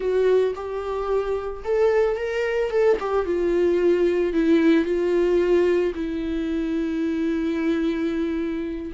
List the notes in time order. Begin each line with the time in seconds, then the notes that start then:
0.00 F#4
0.55 G4
1.64 A4
2.16 A#4
2.70 A4
3.00 G4
3.25 F4
4.33 E4
4.84 F4
5.95 E4